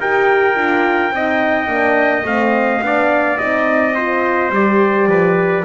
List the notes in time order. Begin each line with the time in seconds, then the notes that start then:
0.00 D#4 G4 A#4 G5
0.55 D4 F4
1.10 C4 D#4 D#5
1.67 A#3 D4
2.24 A3 C4 F5
2.81 B3 D4 D5
3.38 C4 D#4 D#5
3.95 F4 C5
4.50 G3 G4 D5
5.06 F3 B4